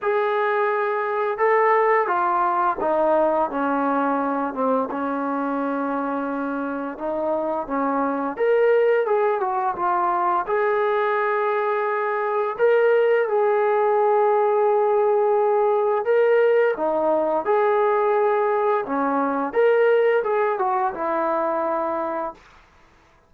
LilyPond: \new Staff \with { instrumentName = "trombone" } { \time 4/4 \tempo 4 = 86 gis'2 a'4 f'4 | dis'4 cis'4. c'8 cis'4~ | cis'2 dis'4 cis'4 | ais'4 gis'8 fis'8 f'4 gis'4~ |
gis'2 ais'4 gis'4~ | gis'2. ais'4 | dis'4 gis'2 cis'4 | ais'4 gis'8 fis'8 e'2 | }